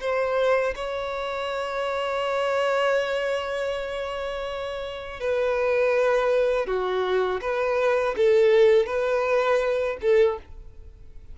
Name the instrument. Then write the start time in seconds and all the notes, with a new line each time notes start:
violin
0.00 C5
0.75 C#5
5.20 B4
6.66 F#4
7.41 B4
8.16 A4
8.86 B4
10.01 A4